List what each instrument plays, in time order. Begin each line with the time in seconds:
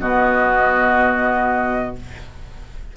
0.00 bassoon B2, clarinet B3, oboe F#4, flute D#5